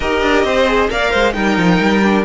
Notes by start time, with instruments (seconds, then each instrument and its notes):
0.00 cello D#4, viola G4, violin A#4 D#5
0.22 cello D4
0.43 cello C4, violin C5
0.67 viola G#4
0.89 cello A#3, viola A#4, violin D5 F5
1.11 cello G#3, violin C5
1.32 cello G3, viola D#4, violin A#4 G5
1.56 cello F3
1.80 cello G3
2.03 viola D4